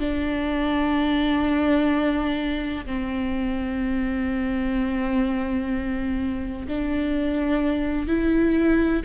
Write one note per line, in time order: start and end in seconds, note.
0.00 2.86 D4
2.86 6.67 C4
6.68 8.08 D4
8.08 9.03 E4